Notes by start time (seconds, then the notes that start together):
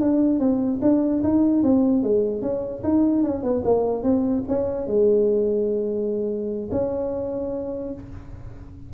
0.00 D4
0.39 C4
0.82 D4
1.23 D#4
1.63 C4
2.03 G#3
2.42 C#4
2.83 D#4
3.23 C#4
3.43 B3
3.64 A#3
4.03 C4
4.48 C#4
4.87 G#3
6.71 C#4